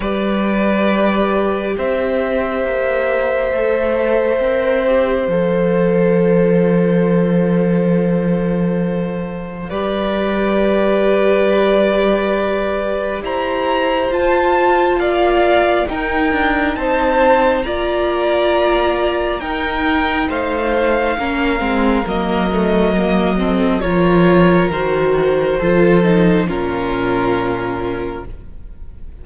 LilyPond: <<
  \new Staff \with { instrumentName = "violin" } { \time 4/4 \tempo 4 = 68 d''2 e''2~ | e''2 f''2~ | f''2. d''4~ | d''2. ais''4 |
a''4 f''4 g''4 a''4 | ais''2 g''4 f''4~ | f''4 dis''2 cis''4 | c''2 ais'2 | }
  \new Staff \with { instrumentName = "violin" } { \time 4/4 b'2 c''2~ | c''1~ | c''2. b'4~ | b'2. c''4~ |
c''4 d''4 ais'4 c''4 | d''2 ais'4 c''4 | ais'2~ ais'8 a'8 ais'4~ | ais'4 a'4 f'2 | }
  \new Staff \with { instrumentName = "viola" } { \time 4/4 g'1 | a'4 ais'8 g'8 a'2~ | a'2. g'4~ | g'1 |
f'2 dis'2 | f'2 dis'2 | cis'8 c'8 ais8 a8 ais8 c'8 f'4 | fis'4 f'8 dis'8 cis'2 | }
  \new Staff \with { instrumentName = "cello" } { \time 4/4 g2 c'4 ais4 | a4 c'4 f2~ | f2. g4~ | g2. e'4 |
f'4 ais4 dis'8 d'8 c'4 | ais2 dis'4 a4 | ais8 gis8 fis2 f4 | dis4 f4 ais,2 | }
>>